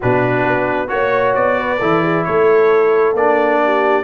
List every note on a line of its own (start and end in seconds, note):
0.00 0.45 B2
0.00 0.87 D4
0.00 0.89 F#4
0.00 0.89 B4
0.45 0.90 B3
0.87 1.36 A#3
0.87 1.78 F#4
0.87 1.34 C#5
0.87 1.60 C#5
1.34 1.81 B3
1.34 2.24 D5
1.60 1.79 B4
1.79 2.26 E3
1.79 3.16 E4
1.79 2.02 A4
2.02 2.24 G#4
2.24 3.13 A3
2.24 3.63 A4
2.24 3.14 C#5
3.13 4.03 A#3
3.13 4.03 D4
3.13 4.03 D5
3.64 4.03 G4